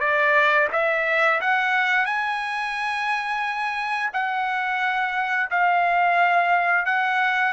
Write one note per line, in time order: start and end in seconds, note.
0.00 0.68 D5
0.72 1.40 E5
1.41 2.06 F#5
2.06 4.10 G#5
4.13 5.50 F#5
5.50 6.86 F5
6.86 7.53 F#5